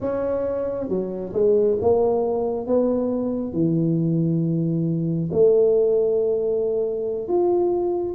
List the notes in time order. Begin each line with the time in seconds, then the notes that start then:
0.00 C#4
0.88 F#3
1.33 G#3
1.81 A#3
2.67 B3
3.53 E3
5.31 A3
7.28 F4